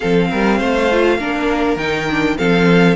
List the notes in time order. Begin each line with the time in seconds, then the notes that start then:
0.00 F3 C4 A4 F5
0.30 G3 A#4
0.58 A3 C5
0.91 F4
1.18 A#3 D4 A#4
1.76 D#3 D#4 G5
2.11 D4
2.37 F3 C4 A4 F5